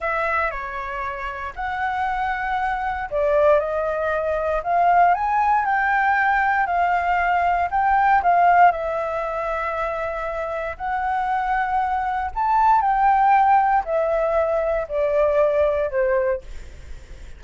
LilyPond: \new Staff \with { instrumentName = "flute" } { \time 4/4 \tempo 4 = 117 e''4 cis''2 fis''4~ | fis''2 d''4 dis''4~ | dis''4 f''4 gis''4 g''4~ | g''4 f''2 g''4 |
f''4 e''2.~ | e''4 fis''2. | a''4 g''2 e''4~ | e''4 d''2 c''4 | }